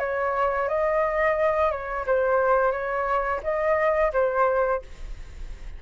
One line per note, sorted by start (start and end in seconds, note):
0.00 0.69 C#5
0.69 1.71 D#5
1.71 2.06 C#5
2.07 2.72 C5
2.72 3.41 C#5
3.44 4.13 D#5
4.13 4.82 C5